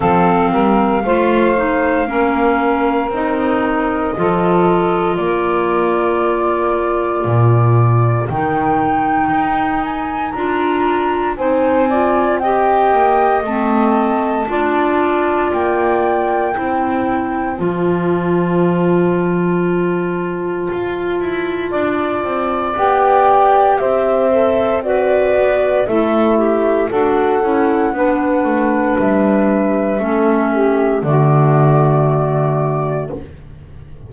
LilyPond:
<<
  \new Staff \with { instrumentName = "flute" } { \time 4/4 \tempo 4 = 58 f''2. dis''4~ | dis''4 d''2. | g''4. gis''8 ais''4 gis''4 | g''4 a''2 g''4~ |
g''4 a''2.~ | a''2 g''4 e''4 | d''4 e''4 fis''2 | e''2 d''2 | }
  \new Staff \with { instrumentName = "saxophone" } { \time 4/4 a'8 ais'8 c''4 ais'2 | a'4 ais'2.~ | ais'2. c''8 d''8 | dis''2 d''2 |
c''1~ | c''4 d''2 c''4 | fis'4 e'4 a'4 b'4~ | b'4 a'8 g'8 fis'2 | }
  \new Staff \with { instrumentName = "clarinet" } { \time 4/4 c'4 f'8 dis'8 cis'4 dis'4 | f'1 | dis'2 f'4 dis'8 f'8 | g'4 c'4 f'2 |
e'4 f'2.~ | f'2 g'4. a'8 | b'4 a'8 g'8 fis'8 e'8 d'4~ | d'4 cis'4 a2 | }
  \new Staff \with { instrumentName = "double bass" } { \time 4/4 f8 g8 a4 ais4 c'4 | f4 ais2 ais,4 | dis4 dis'4 d'4 c'4~ | c'8 ais8 a4 d'4 ais4 |
c'4 f2. | f'8 e'8 d'8 c'8 b4 c'4~ | c'8 b8 a4 d'8 cis'8 b8 a8 | g4 a4 d2 | }
>>